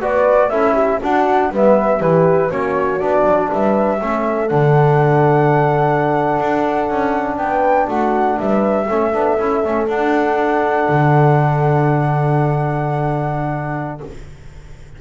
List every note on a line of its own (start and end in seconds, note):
0.00 0.49 B3
0.00 0.51 F#4
0.00 0.49 B4
0.00 0.49 D5
0.49 0.99 C#4
0.49 1.01 E4
0.49 0.73 A4
0.49 0.99 E5
0.73 0.98 G4
1.01 1.52 D4
1.01 1.50 D4
1.01 1.51 F#4
1.01 1.52 F#5
1.50 2.00 G3
1.50 2.00 B3
1.50 2.00 B4
1.50 2.01 E5
2.00 2.50 E3
2.00 2.50 E4
2.00 2.49 G4
2.00 2.51 B4
2.49 3.01 A#3
2.49 3.00 C#4
2.49 3.49 F#4
2.49 2.99 C#5
2.99 3.24 B3
2.99 4.00 D4
2.99 3.49 D5
3.24 3.49 F#3
3.50 4.01 G3
3.50 4.00 B4
3.50 4.48 E5
4.01 4.51 A3
4.01 4.48 C#4
4.01 7.38 A4
4.48 6.38 D3
4.48 8.86 D4
4.48 7.36 F#5
6.39 6.89 D4
6.89 7.37 C#4
7.37 7.87 B3
7.37 7.88 B4
7.37 7.87 G5
7.88 8.38 A3
7.88 8.38 F#4
7.88 8.38 F#5
8.39 8.89 G3
8.39 8.87 B4
8.39 9.88 E5
8.87 9.14 A3
8.87 9.13 C#4
8.87 13.99 A4
9.13 9.38 B3
9.13 9.38 D4
9.38 9.63 C#4
9.38 9.64 E4
9.64 9.87 A3
9.64 9.88 C#4
9.87 10.87 D4
9.87 14.01 D4
9.87 14.00 F#5
10.88 14.01 D3